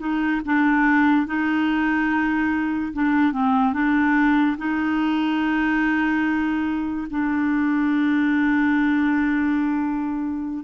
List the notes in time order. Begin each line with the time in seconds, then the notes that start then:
0.00 D#4
0.45 D4
1.27 D#4
2.94 D4
3.33 C4
3.73 D4
4.58 D#4
7.11 D4